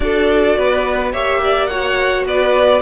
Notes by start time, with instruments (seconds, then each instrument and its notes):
0.00 cello D4, viola F#4, violin A4 D5
0.58 cello B3, violin B4
1.12 cello A#3, viola G4, violin C#5 E5
1.44 violin D5
1.66 viola F#4, violin C#5 F#5
2.25 cello B3, violin B4 D5